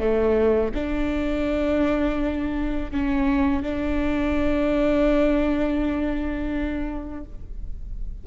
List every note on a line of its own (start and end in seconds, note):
0.00 0.72 A3
0.75 2.92 D4
2.92 3.63 C#4
3.63 7.25 D4